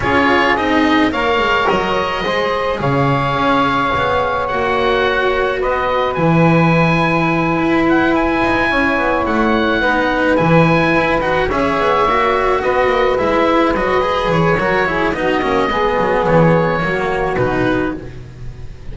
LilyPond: <<
  \new Staff \with { instrumentName = "oboe" } { \time 4/4 \tempo 4 = 107 cis''4 dis''4 f''4 dis''4~ | dis''4 f''2. | fis''2 dis''4 gis''4~ | gis''2 fis''8 gis''4.~ |
gis''8 fis''2 gis''4. | fis''8 e''2 dis''4 e''8~ | e''8 dis''4 cis''4. dis''4~ | dis''4 cis''2 b'4 | }
  \new Staff \with { instrumentName = "saxophone" } { \time 4/4 gis'2 cis''2 | c''4 cis''2.~ | cis''2 b'2~ | b'2.~ b'8 cis''8~ |
cis''4. b'2~ b'8~ | b'8 cis''2 b'4.~ | b'2 ais'8 gis'8 fis'4 | gis'2 fis'2 | }
  \new Staff \with { instrumentName = "cello" } { \time 4/4 f'4 dis'4 ais'2 | gis'1 | fis'2. e'4~ | e'1~ |
e'4. dis'4 e'4. | fis'8 gis'4 fis'2 e'8~ | e'8 fis'8 gis'4 fis'8 e'8 dis'8 cis'8 | b2 ais4 dis'4 | }
  \new Staff \with { instrumentName = "double bass" } { \time 4/4 cis'4 c'4 ais8 gis8 fis4 | gis4 cis4 cis'4 b4 | ais2 b4 e4~ | e4. e'4. dis'8 cis'8 |
b8 a4 b4 e4 e'8 | dis'8 cis'8 b8 ais4 b8 ais8 gis8~ | gis8 fis4 e8 fis4 b8 ais8 | gis8 fis8 e4 fis4 b,4 | }
>>